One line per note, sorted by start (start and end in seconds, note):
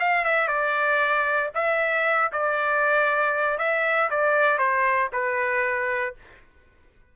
0.00 0.25 F5
0.25 0.48 E5
0.48 1.50 D5
1.55 2.31 E5
2.32 3.58 D5
3.58 4.10 E5
4.10 4.58 D5
4.58 5.10 C5
5.13 6.15 B4